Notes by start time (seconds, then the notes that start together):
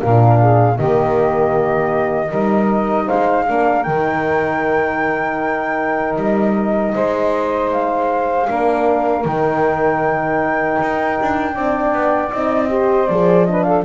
0.00 A#2 D4 A#4 F5
0.39 G#4
0.75 D#3 A#3 G4 D#5
2.28 G3 D#4 A#4
3.06 G#3 C5 F5
3.47 A#3 D4 A#4
3.83 D#3 D#4 G5
6.16 G3 D#5
6.94 G#3 C5
7.71 F5
8.47 A#3 D4 A#4
9.24 D#3 D#4 G5
10.81 D#4
11.21 D4
11.53 C4 D4 D5
11.92 B3
12.30 C4 D#4 D#5
12.68 G4 C5
13.07 F3 G#4 D5
13.45 D4 B4 D#5
13.63 A4 F5